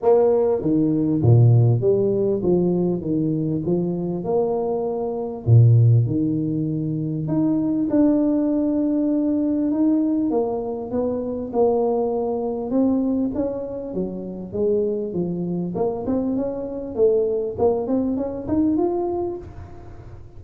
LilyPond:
\new Staff \with { instrumentName = "tuba" } { \time 4/4 \tempo 4 = 99 ais4 dis4 ais,4 g4 | f4 dis4 f4 ais4~ | ais4 ais,4 dis2 | dis'4 d'2. |
dis'4 ais4 b4 ais4~ | ais4 c'4 cis'4 fis4 | gis4 f4 ais8 c'8 cis'4 | a4 ais8 c'8 cis'8 dis'8 f'4 | }